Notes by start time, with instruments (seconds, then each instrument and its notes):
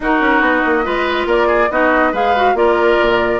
0.00 bassoon D#4, clarinet D#4, oboe F#4, flute A#4
0.20 bassoon C#4
0.40 bassoon B3, flute D#5
0.65 bassoon A#3
0.83 bassoon G#3, clarinet F4, oboe B4
1.26 bassoon A#3, oboe A#4, flute D5
1.47 oboe G#4
1.70 bassoon B3, clarinet D#4, oboe F#4, flute D#5
2.12 bassoon G#3, clarinet G#4, oboe B4, flute F5
2.36 clarinet F#4
2.54 bassoon A#3, clarinet F4, oboe A#4, flute D5
3.01 bassoon A#2